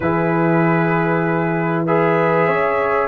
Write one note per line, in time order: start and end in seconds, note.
0.00 2.47 E3
0.00 1.87 E4
0.00 1.86 G#4
0.00 1.84 B4
1.86 3.08 G#4
1.86 2.47 B4
1.86 3.08 E5
2.47 3.08 C#4
2.47 3.08 C#5